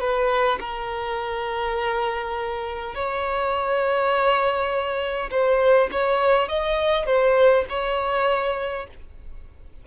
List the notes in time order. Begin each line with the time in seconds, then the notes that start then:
0.00 B4
0.60 A#4
2.95 C#5
5.30 C5
5.91 C#5
6.48 D#5
7.06 C5
7.69 C#5